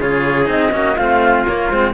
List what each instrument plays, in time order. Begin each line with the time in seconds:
0.00 cello C#3 F4, trumpet G#4, flute C#5
0.46 cello C4 D#4, flute D#5
0.72 cello A#3 C#4, trumpet F#4
0.97 cello A3 C4, trumpet F4, flute F5
1.45 cello A#3, flute C#5
1.71 cello G#3 C4, flute C5